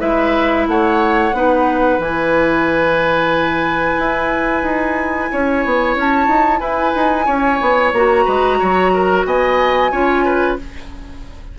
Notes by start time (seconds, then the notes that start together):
0.00 G#3 E4 B4 E5
0.68 A3 C#5 F#5
1.33 B3 D#4 B4
1.99 E3 E4 G#5
3.99 E4
4.63 D#4
5.32 C#4 C#5
5.65 B3
5.96 C#4 A5
6.28 D#4
6.60 E4 B4 G#5
6.96 D#4
7.26 C#4 C#5
7.61 B3
7.93 A#3 F#4 A#5
8.25 G#3 B4
8.59 F#3 C#5
8.94 A#4
9.26 B3 D#5 G#5
9.92 C#4 F4 C#5
10.25 B4